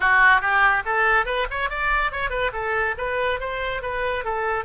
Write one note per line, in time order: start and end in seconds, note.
0.00 0.41 F#4
0.41 0.83 G4
0.85 1.25 A4
1.25 1.46 B4
1.50 1.69 C#5
1.69 2.11 D5
2.11 2.30 C#5
2.30 2.51 B4
2.53 2.95 A4
2.97 3.39 B4
3.39 3.82 C5
3.82 4.24 B4
4.24 4.64 A4